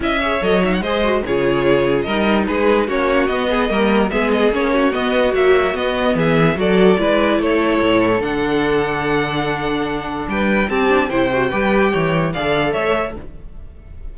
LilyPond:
<<
  \new Staff \with { instrumentName = "violin" } { \time 4/4 \tempo 4 = 146 e''4 dis''8 e''16 fis''16 dis''4 cis''4~ | cis''4 dis''4 b'4 cis''4 | dis''2 e''8 dis''8 cis''4 | dis''4 e''4 dis''4 e''4 |
d''2 cis''2 | fis''1~ | fis''4 g''4 a''4 g''4~ | g''2 f''4 e''4 | }
  \new Staff \with { instrumentName = "violin" } { \time 4/4 dis''8 cis''4. c''4 gis'4~ | gis'4 ais'4 gis'4 fis'4~ | fis'8 gis'8 ais'4 gis'4. fis'8~ | fis'2. gis'4 |
a'4 b'4 a'2~ | a'1~ | a'4 b'4 g'4 c''4 | b'4 cis''4 d''4 cis''4 | }
  \new Staff \with { instrumentName = "viola" } { \time 4/4 e'8 gis'8 a'8 dis'8 gis'8 fis'8 f'4~ | f'4 dis'2 cis'4 | b4 ais4 b4 cis'4 | b4 fis4 b2 |
fis'4 e'2. | d'1~ | d'2 c'8 d'8 e'8 fis'8 | g'2 a'2 | }
  \new Staff \with { instrumentName = "cello" } { \time 4/4 cis'4 fis4 gis4 cis4~ | cis4 g4 gis4 ais4 | b4 g4 gis4 ais4 | b4 ais4 b4 e4 |
fis4 gis4 a4 a,4 | d1~ | d4 g4 c'4 c4 | g4 e4 d4 a4 | }
>>